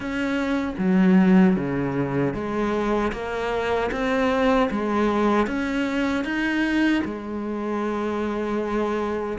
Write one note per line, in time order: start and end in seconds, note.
0.00 0.74 C#4
0.78 1.55 F#3
1.55 2.33 C#3
2.34 3.12 G#3
3.12 3.90 A#3
3.91 4.69 C4
4.70 5.46 G#3
5.46 6.24 C#4
6.24 7.02 D#4
7.04 9.38 G#3